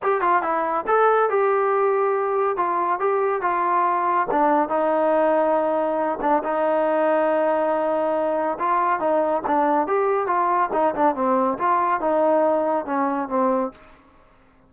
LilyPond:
\new Staff \with { instrumentName = "trombone" } { \time 4/4 \tempo 4 = 140 g'8 f'8 e'4 a'4 g'4~ | g'2 f'4 g'4 | f'2 d'4 dis'4~ | dis'2~ dis'8 d'8 dis'4~ |
dis'1 | f'4 dis'4 d'4 g'4 | f'4 dis'8 d'8 c'4 f'4 | dis'2 cis'4 c'4 | }